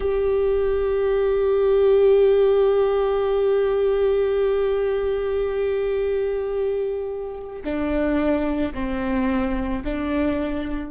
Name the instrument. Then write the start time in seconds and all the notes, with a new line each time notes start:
viola
0.00 G4
7.64 D4
8.73 C4
9.84 D4